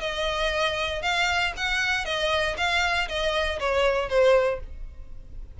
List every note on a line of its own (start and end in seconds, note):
0.00 1.02 D#5
1.02 1.53 F5
1.57 2.05 F#5
2.05 2.56 D#5
2.57 3.08 F5
3.08 3.59 D#5
3.59 4.09 C#5
4.09 4.60 C5